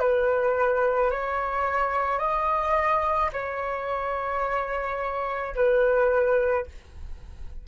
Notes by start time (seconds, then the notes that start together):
0.00 B4
1.11 C#5
2.19 D#5
3.33 C#5
5.55 B4